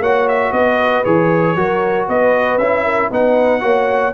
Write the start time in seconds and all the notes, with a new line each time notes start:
0.00 A#3 F#4 C#5 F#5
0.29 E5
0.52 B3 B4 D#5
1.05 E3 G#4 C#5
1.56 F#3 F#4 A#4
2.08 B3 B4 D#5
2.58 C#4 E4 E5
2.84 A#4
3.11 B3 D#4 B4 F#5
3.60 A#3 F#4 C#5